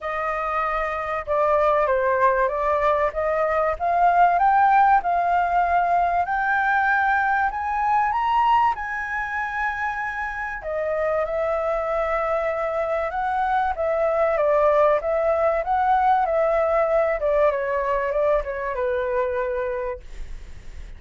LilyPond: \new Staff \with { instrumentName = "flute" } { \time 4/4 \tempo 4 = 96 dis''2 d''4 c''4 | d''4 dis''4 f''4 g''4 | f''2 g''2 | gis''4 ais''4 gis''2~ |
gis''4 dis''4 e''2~ | e''4 fis''4 e''4 d''4 | e''4 fis''4 e''4. d''8 | cis''4 d''8 cis''8 b'2 | }